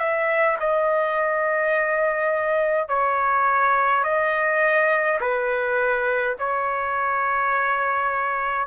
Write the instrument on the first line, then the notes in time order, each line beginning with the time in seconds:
trumpet
0.00 E5
0.60 D#5
2.89 C#5
4.04 D#5
5.21 B4
6.39 C#5